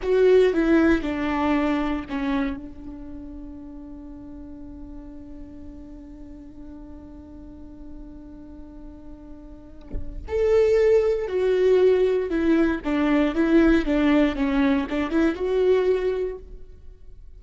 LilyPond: \new Staff \with { instrumentName = "viola" } { \time 4/4 \tempo 4 = 117 fis'4 e'4 d'2 | cis'4 d'2.~ | d'1~ | d'1~ |
d'1 | a'2 fis'2 | e'4 d'4 e'4 d'4 | cis'4 d'8 e'8 fis'2 | }